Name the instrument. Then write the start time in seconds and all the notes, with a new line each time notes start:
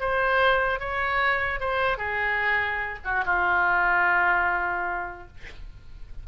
oboe
0.00 C5
0.79 C#5
1.60 C5
1.97 G#4
3.04 F#4
3.25 F4